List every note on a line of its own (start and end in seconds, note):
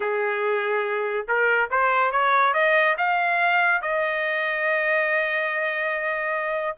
0.00 1.26 G#4
1.28 1.70 A#4
1.70 2.11 C5
2.11 2.53 C#5
2.53 2.96 D#5
2.97 3.81 F5
3.81 6.77 D#5